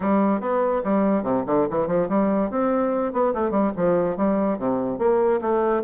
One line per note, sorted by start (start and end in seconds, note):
0.00 0.40 G3
0.40 0.81 B3
0.84 1.23 G3
1.23 1.44 C3
1.46 1.67 D3
1.70 1.87 E3
1.87 2.08 F3
2.08 2.50 G3
2.50 3.12 C4
3.12 3.33 B3
3.34 3.50 A3
3.50 3.71 G3
3.76 4.16 F3
4.16 4.58 G3
4.58 4.98 C3
4.98 5.40 A#3
5.41 5.82 A3